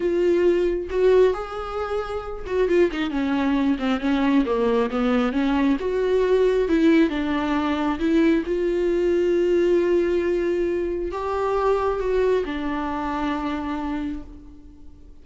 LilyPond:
\new Staff \with { instrumentName = "viola" } { \time 4/4 \tempo 4 = 135 f'2 fis'4 gis'4~ | gis'4. fis'8 f'8 dis'8 cis'4~ | cis'8 c'8 cis'4 ais4 b4 | cis'4 fis'2 e'4 |
d'2 e'4 f'4~ | f'1~ | f'4 g'2 fis'4 | d'1 | }